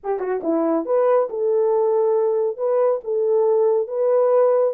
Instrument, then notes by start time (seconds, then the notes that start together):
horn
0.03 G4
0.19 F#4
0.43 E4
0.85 B4
1.29 A4
2.57 B4
3.04 A4
3.87 B4